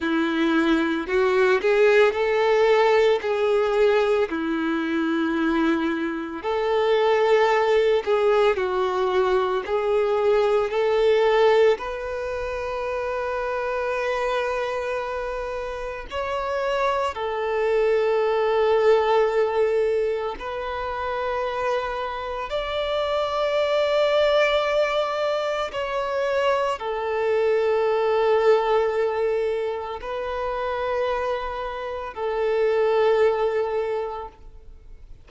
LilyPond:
\new Staff \with { instrumentName = "violin" } { \time 4/4 \tempo 4 = 56 e'4 fis'8 gis'8 a'4 gis'4 | e'2 a'4. gis'8 | fis'4 gis'4 a'4 b'4~ | b'2. cis''4 |
a'2. b'4~ | b'4 d''2. | cis''4 a'2. | b'2 a'2 | }